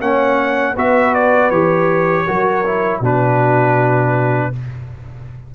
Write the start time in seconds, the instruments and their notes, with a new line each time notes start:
0.00 tuba A#3, trombone C#4, horn C#5, trumpet F#5
0.73 tuba B3, trombone F#4, horn B4, trumpet E5
1.14 trumpet D5
1.50 tuba E3, trombone G4, trumpet C#5
2.26 tuba F#3, trombone F#4, horn A#4
2.65 trombone E4
3.00 tuba B2, trombone D4, horn F#4, trumpet B4